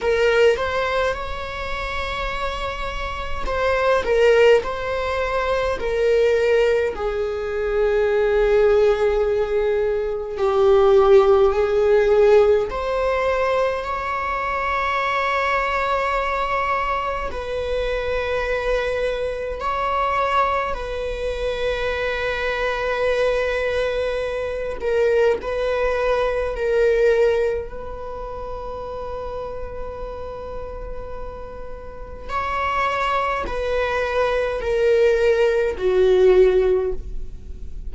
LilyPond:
\new Staff \with { instrumentName = "viola" } { \time 4/4 \tempo 4 = 52 ais'8 c''8 cis''2 c''8 ais'8 | c''4 ais'4 gis'2~ | gis'4 g'4 gis'4 c''4 | cis''2. b'4~ |
b'4 cis''4 b'2~ | b'4. ais'8 b'4 ais'4 | b'1 | cis''4 b'4 ais'4 fis'4 | }